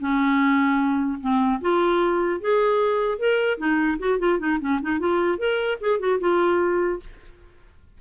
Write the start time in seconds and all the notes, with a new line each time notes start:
0.00 C#4
1.21 C4
1.61 F4
2.41 G#4
3.19 A#4
3.58 D#4
3.99 F#4
4.19 F4
4.39 D#4
4.61 C#4
4.82 D#4
5.00 F4
5.38 A#4
5.81 G#4
6.00 F#4
6.20 F4